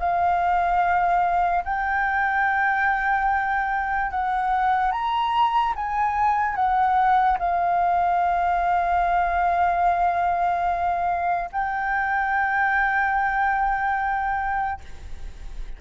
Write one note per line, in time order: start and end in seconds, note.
0.00 1.64 F5
1.64 4.11 G5
4.11 4.92 F#5
4.92 5.74 A#5
5.76 6.56 G#5
6.56 7.38 F#5
7.39 11.50 F5
11.52 14.81 G5